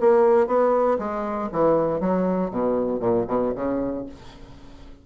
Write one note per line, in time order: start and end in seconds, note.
0.00 0.47 A#3
0.47 0.98 B3
0.98 1.49 G#3
1.52 2.00 E3
2.00 2.50 F#3
2.50 2.99 B2
2.99 3.25 A#2
3.27 3.53 B2
3.55 4.05 C#3